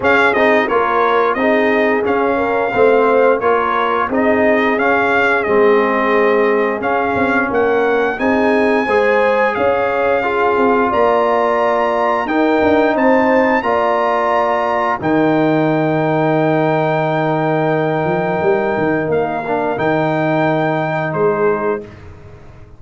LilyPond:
<<
  \new Staff \with { instrumentName = "trumpet" } { \time 4/4 \tempo 4 = 88 f''8 dis''8 cis''4 dis''4 f''4~ | f''4 cis''4 dis''4 f''4 | dis''2 f''4 fis''4 | gis''2 f''2 |
ais''2 g''4 a''4 | ais''2 g''2~ | g''1 | f''4 g''2 c''4 | }
  \new Staff \with { instrumentName = "horn" } { \time 4/4 gis'4 ais'4 gis'4. ais'8 | c''4 ais'4 gis'2~ | gis'2. ais'4 | gis'4 c''4 cis''4 gis'4 |
d''2 ais'4 c''4 | d''2 ais'2~ | ais'1~ | ais'2. gis'4 | }
  \new Staff \with { instrumentName = "trombone" } { \time 4/4 cis'8 dis'8 f'4 dis'4 cis'4 | c'4 f'4 dis'4 cis'4 | c'2 cis'2 | dis'4 gis'2 f'4~ |
f'2 dis'2 | f'2 dis'2~ | dis'1~ | dis'8 d'8 dis'2. | }
  \new Staff \with { instrumentName = "tuba" } { \time 4/4 cis'8 c'8 ais4 c'4 cis'4 | a4 ais4 c'4 cis'4 | gis2 cis'8 c'8 ais4 | c'4 gis4 cis'4. c'8 |
ais2 dis'8 d'8 c'4 | ais2 dis2~ | dis2~ dis8 f8 g8 dis8 | ais4 dis2 gis4 | }
>>